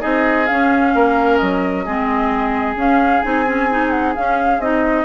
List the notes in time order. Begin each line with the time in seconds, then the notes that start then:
0.00 C4 D#4 G#4 D#5
0.46 C#4 F5
0.94 A#3 A#4
1.37 F#3 D#5
1.85 G#3 C4 G#4
2.76 C#4 F5
3.21 C4 D#4 G#5
3.46 C#4
3.70 D#4
3.90 F#5
4.15 C#4 F5
4.58 C4 D#4 D#5